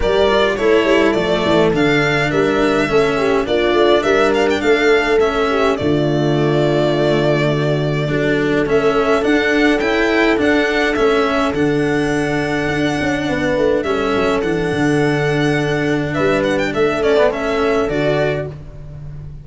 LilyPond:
<<
  \new Staff \with { instrumentName = "violin" } { \time 4/4 \tempo 4 = 104 d''4 cis''4 d''4 f''4 | e''2 d''4 e''8 f''16 g''16 | f''4 e''4 d''2~ | d''2. e''4 |
fis''4 g''4 fis''4 e''4 | fis''1 | e''4 fis''2. | e''8 fis''16 g''16 e''8 d''8 e''4 d''4 | }
  \new Staff \with { instrumentName = "horn" } { \time 4/4 ais'4 a'2. | ais'4 a'8 g'8 f'4 ais'4 | a'4. g'8 f'2~ | f'4 fis'4 a'2~ |
a'1~ | a'2. b'4 | a'1 | b'4 a'2. | }
  \new Staff \with { instrumentName = "cello" } { \time 4/4 g'8 f'8 e'4 a4 d'4~ | d'4 cis'4 d'2~ | d'4 cis'4 a2~ | a2 d'4 cis'4 |
d'4 e'4 d'4 cis'4 | d'1 | cis'4 d'2.~ | d'4. cis'16 b16 cis'4 fis'4 | }
  \new Staff \with { instrumentName = "tuba" } { \time 4/4 g4 a8 g8 f8 e8 d4 | g4 a4 ais8 a8 g4 | a2 d2~ | d2 fis4 a4 |
d'4 cis'4 d'4 a4 | d2 d'8 cis'8 b8 a8 | g8 fis8 e8 d2~ d8 | g4 a2 d4 | }
>>